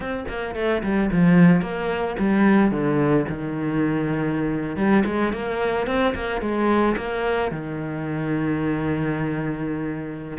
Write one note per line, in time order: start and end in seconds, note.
0.00 0.25 C4
0.28 0.55 A#3
0.55 0.82 A3
0.83 1.10 G3
1.11 1.61 F3
1.61 2.16 A#3
2.18 2.71 G3
2.71 3.25 D3
3.29 4.76 D#3
4.76 5.03 G3
5.05 5.32 G#3
5.32 5.86 A#3
5.86 6.14 C4
6.14 6.41 A#3
6.41 6.95 G#3
6.96 7.51 A#3
7.51 10.37 D#3